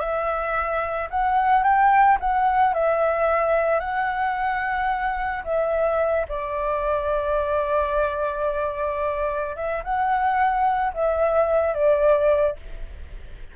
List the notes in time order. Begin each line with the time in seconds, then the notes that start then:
0.00 E5
1.11 F#5
1.64 G5
2.21 F#5
2.74 E5
3.80 F#5
5.45 E5
6.29 D5
9.56 E5
9.84 F#5
10.94 E5
11.75 D5